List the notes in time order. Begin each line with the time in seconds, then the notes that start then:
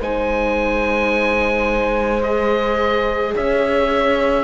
0.00 G#3 D#4 C5 G#5
2.22 G#4 D#5
3.35 C#4 C#5 E5